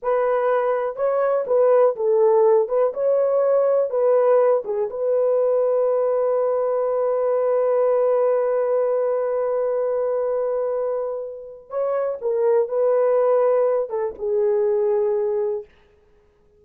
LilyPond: \new Staff \with { instrumentName = "horn" } { \time 4/4 \tempo 4 = 123 b'2 cis''4 b'4 | a'4. b'8 cis''2 | b'4. gis'8 b'2~ | b'1~ |
b'1~ | b'1 | cis''4 ais'4 b'2~ | b'8 a'8 gis'2. | }